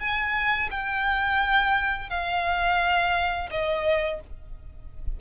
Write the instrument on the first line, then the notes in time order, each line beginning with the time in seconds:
violin
0.00 G#5
0.71 G5
2.10 F5
3.51 D#5